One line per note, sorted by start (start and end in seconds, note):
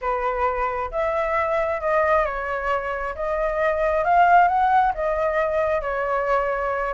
0.01 0.90 B4
0.91 1.80 E5
1.80 2.25 D#5
2.25 3.14 C#5
3.15 4.04 D#5
4.04 4.48 F5
4.48 4.92 F#5
4.94 5.81 D#5
5.81 6.93 C#5